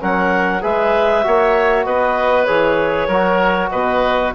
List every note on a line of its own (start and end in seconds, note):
0.00 0.64 F#3
0.00 0.62 C#4
0.00 0.63 A#4
0.00 0.63 F#5
0.62 1.25 G#3
0.62 1.23 G#4
0.62 1.25 B4
0.62 1.85 E5
1.23 1.86 A#3
1.23 2.47 F#4
1.23 1.86 C#5
1.85 2.48 B3
1.85 3.08 B4
1.85 2.45 D#5
2.45 3.08 E3
2.45 3.09 G#4
2.45 3.69 C#5
3.08 3.70 F#3
3.08 4.35 F#4
3.08 3.70 A#4
3.70 4.34 B2
3.70 4.33 B4
3.70 4.32 D#5